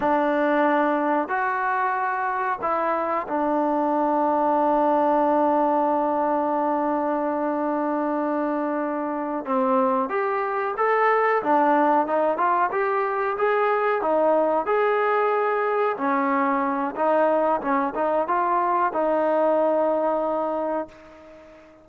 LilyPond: \new Staff \with { instrumentName = "trombone" } { \time 4/4 \tempo 4 = 92 d'2 fis'2 | e'4 d'2.~ | d'1~ | d'2~ d'8 c'4 g'8~ |
g'8 a'4 d'4 dis'8 f'8 g'8~ | g'8 gis'4 dis'4 gis'4.~ | gis'8 cis'4. dis'4 cis'8 dis'8 | f'4 dis'2. | }